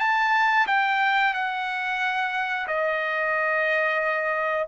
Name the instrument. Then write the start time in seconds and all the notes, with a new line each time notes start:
trumpet
0.00 A5
0.67 G5
1.34 F#5
2.68 D#5